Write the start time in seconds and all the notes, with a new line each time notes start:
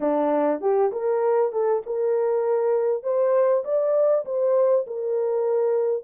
0.00 D4
0.60 G4
0.91 A#4
1.52 A4
1.86 A#4
3.03 C5
3.64 D5
4.25 C5
4.87 A#4